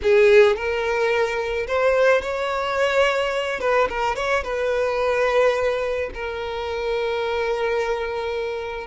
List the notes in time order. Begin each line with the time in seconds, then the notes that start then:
0.02 G#4
0.56 A#4
1.67 C5
2.21 C#5
3.60 B4
3.89 A#4
4.15 C#5
4.43 B4
6.14 A#4